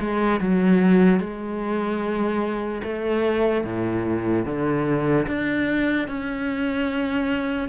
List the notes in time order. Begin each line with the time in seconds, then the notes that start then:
0.00 G#3
0.41 F#3
1.20 G#3
2.83 A3
3.64 A2
4.46 D3
5.27 D4
6.08 C#4